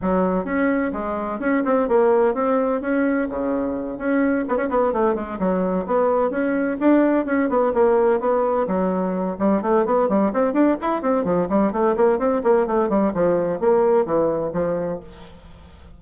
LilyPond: \new Staff \with { instrumentName = "bassoon" } { \time 4/4 \tempo 4 = 128 fis4 cis'4 gis4 cis'8 c'8 | ais4 c'4 cis'4 cis4~ | cis8 cis'4 b16 cis'16 b8 a8 gis8 fis8~ | fis8 b4 cis'4 d'4 cis'8 |
b8 ais4 b4 fis4. | g8 a8 b8 g8 c'8 d'8 e'8 c'8 | f8 g8 a8 ais8 c'8 ais8 a8 g8 | f4 ais4 e4 f4 | }